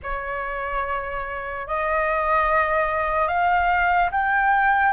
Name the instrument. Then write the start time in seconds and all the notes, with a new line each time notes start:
flute
0.02 C#5
1.67 D#5
3.28 F5
4.11 G5